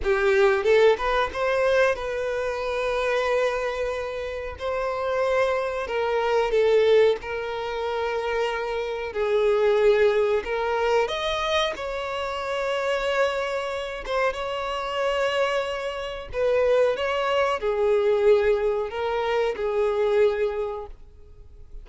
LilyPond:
\new Staff \with { instrumentName = "violin" } { \time 4/4 \tempo 4 = 92 g'4 a'8 b'8 c''4 b'4~ | b'2. c''4~ | c''4 ais'4 a'4 ais'4~ | ais'2 gis'2 |
ais'4 dis''4 cis''2~ | cis''4. c''8 cis''2~ | cis''4 b'4 cis''4 gis'4~ | gis'4 ais'4 gis'2 | }